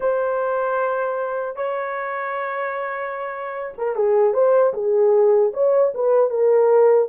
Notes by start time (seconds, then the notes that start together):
0.00 C5
1.56 C#5
3.77 A#4
3.95 G#4
4.33 C5
4.73 G#4
5.53 C#5
5.94 B4
6.29 A#4